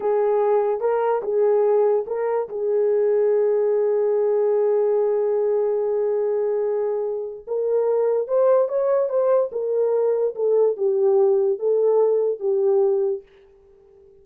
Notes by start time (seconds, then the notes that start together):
0.00 G#4
0.80 A#4
1.22 G#4
2.07 A#4
2.48 G#4
7.47 A#4
8.27 C5
8.68 C#5
9.09 C5
9.52 A#4
10.35 A4
10.76 G4
11.59 A4
12.39 G4